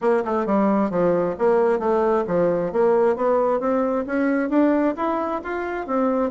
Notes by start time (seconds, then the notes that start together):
0.01 A#3
0.24 A3
0.46 G3
0.90 F3
1.38 A#3
1.79 A3
2.27 F3
2.72 A#3
3.16 B3
3.59 C4
4.06 C#4
4.49 D4
4.96 E4
5.43 F4
5.86 C4